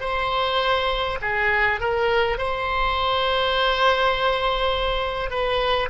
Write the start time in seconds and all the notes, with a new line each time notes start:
0.00 C5
1.21 G#4
1.80 A#4
2.37 C5
5.29 B4